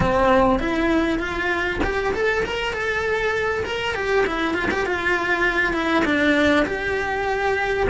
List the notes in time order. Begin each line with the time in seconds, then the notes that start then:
0.00 C4
0.59 E4
1.19 F4
1.83 G4
2.13 A4
2.45 A#4
2.73 A4
3.64 A#4
3.94 G4
4.26 E4
4.53 F4
4.71 G4
4.86 F4
5.73 E4
6.04 D4
6.66 G4